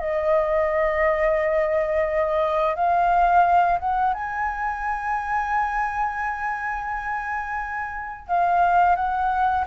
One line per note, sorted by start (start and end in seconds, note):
0.00 2.76 D#5
2.76 3.79 F5
3.80 4.14 F#5
4.14 8.28 G#5
8.28 8.96 F5
8.96 9.65 F#5